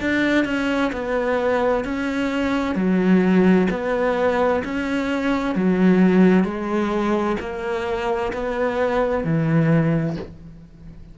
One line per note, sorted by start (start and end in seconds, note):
0.00 0.44 D4
0.44 0.91 C#4
0.92 1.84 B3
1.84 2.75 C#4
2.75 3.67 F#3
3.70 4.62 B3
4.64 5.55 C#4
5.55 6.44 F#3
6.44 7.36 G#3
7.40 8.32 A#3
8.32 9.23 B3
9.23 10.16 E3